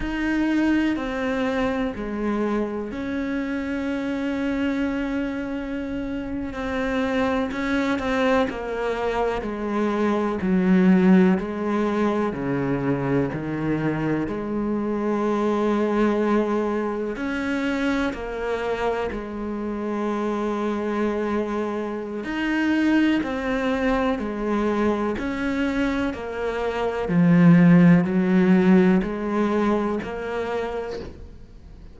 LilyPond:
\new Staff \with { instrumentName = "cello" } { \time 4/4 \tempo 4 = 62 dis'4 c'4 gis4 cis'4~ | cis'2~ cis'8. c'4 cis'16~ | cis'16 c'8 ais4 gis4 fis4 gis16~ | gis8. cis4 dis4 gis4~ gis16~ |
gis4.~ gis16 cis'4 ais4 gis16~ | gis2. dis'4 | c'4 gis4 cis'4 ais4 | f4 fis4 gis4 ais4 | }